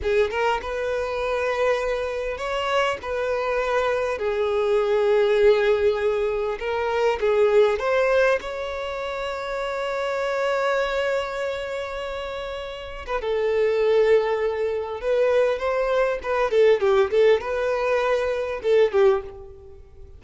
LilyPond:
\new Staff \with { instrumentName = "violin" } { \time 4/4 \tempo 4 = 100 gis'8 ais'8 b'2. | cis''4 b'2 gis'4~ | gis'2. ais'4 | gis'4 c''4 cis''2~ |
cis''1~ | cis''4.~ cis''16 b'16 a'2~ | a'4 b'4 c''4 b'8 a'8 | g'8 a'8 b'2 a'8 g'8 | }